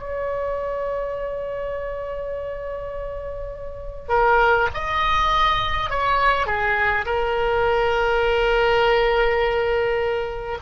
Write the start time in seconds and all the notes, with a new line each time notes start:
0.00 C#5
4.09 A#4
4.74 D#5
5.90 C#5
6.47 G#4
7.06 A#4